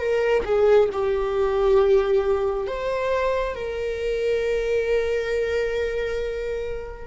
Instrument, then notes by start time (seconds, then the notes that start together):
viola
0.00 A#4
0.46 G#4
0.93 G4
2.68 C5
3.55 A#4